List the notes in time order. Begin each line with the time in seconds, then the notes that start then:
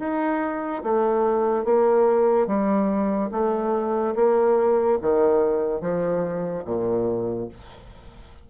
0.00 D#4
0.84 A3
1.65 A#3
2.47 G3
3.32 A3
4.16 A#3
5.02 D#3
5.81 F3
6.66 A#2